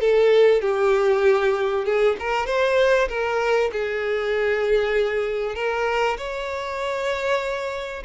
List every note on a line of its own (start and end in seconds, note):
0.00 0.61 A4
0.61 1.85 G4
1.85 2.16 G#4
2.19 2.46 A#4
2.46 3.08 C5
3.08 3.70 A#4
3.72 5.55 G#4
5.55 6.17 A#4
6.17 8.03 C#5